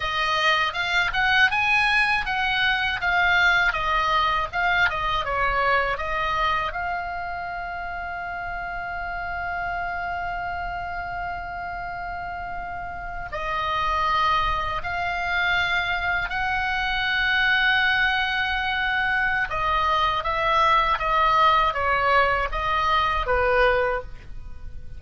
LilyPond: \new Staff \with { instrumentName = "oboe" } { \time 4/4 \tempo 4 = 80 dis''4 f''8 fis''8 gis''4 fis''4 | f''4 dis''4 f''8 dis''8 cis''4 | dis''4 f''2.~ | f''1~ |
f''4.~ f''16 dis''2 f''16~ | f''4.~ f''16 fis''2~ fis''16~ | fis''2 dis''4 e''4 | dis''4 cis''4 dis''4 b'4 | }